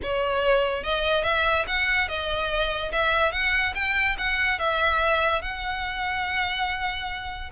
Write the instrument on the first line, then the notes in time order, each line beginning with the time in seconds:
violin
0.02 C#5
0.83 D#5
1.23 E5
1.67 F#5
2.08 D#5
2.91 E5
3.32 F#5
3.74 G5
4.18 F#5
4.59 E5
5.41 F#5